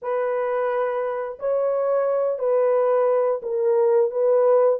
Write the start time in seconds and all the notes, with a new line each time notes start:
0.02 B4
1.39 C#5
2.38 B4
3.42 A#4
4.10 B4